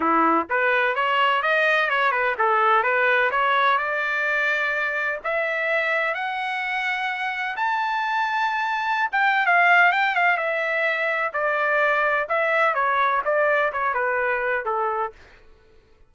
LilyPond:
\new Staff \with { instrumentName = "trumpet" } { \time 4/4 \tempo 4 = 127 e'4 b'4 cis''4 dis''4 | cis''8 b'8 a'4 b'4 cis''4 | d''2. e''4~ | e''4 fis''2. |
a''2.~ a''16 g''8. | f''4 g''8 f''8 e''2 | d''2 e''4 cis''4 | d''4 cis''8 b'4. a'4 | }